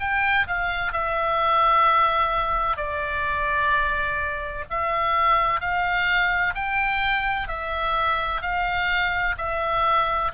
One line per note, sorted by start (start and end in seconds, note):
0.00 0.47 G5
0.47 0.92 F5
0.92 2.77 E5
2.77 4.64 D5
4.70 5.60 E5
5.60 6.54 F5
6.55 7.48 G5
7.48 8.42 E5
8.42 9.35 F5
9.38 10.32 E5